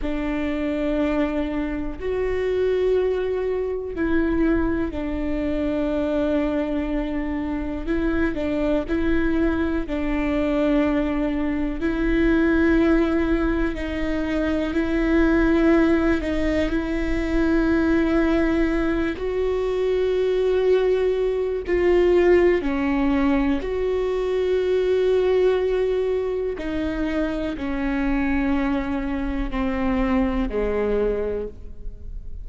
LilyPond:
\new Staff \with { instrumentName = "viola" } { \time 4/4 \tempo 4 = 61 d'2 fis'2 | e'4 d'2. | e'8 d'8 e'4 d'2 | e'2 dis'4 e'4~ |
e'8 dis'8 e'2~ e'8 fis'8~ | fis'2 f'4 cis'4 | fis'2. dis'4 | cis'2 c'4 gis4 | }